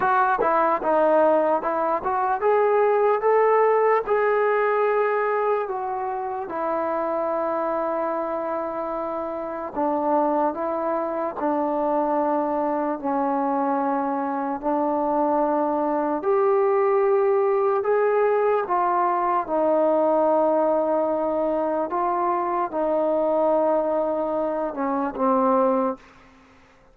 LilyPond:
\new Staff \with { instrumentName = "trombone" } { \time 4/4 \tempo 4 = 74 fis'8 e'8 dis'4 e'8 fis'8 gis'4 | a'4 gis'2 fis'4 | e'1 | d'4 e'4 d'2 |
cis'2 d'2 | g'2 gis'4 f'4 | dis'2. f'4 | dis'2~ dis'8 cis'8 c'4 | }